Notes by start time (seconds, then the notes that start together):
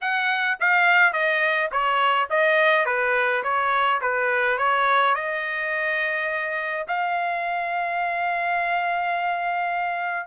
0.01 F#5
0.59 F5
1.12 D#5
1.71 C#5
2.30 D#5
2.85 B4
3.43 C#5
4.01 B4
4.58 C#5
5.14 D#5
6.87 F5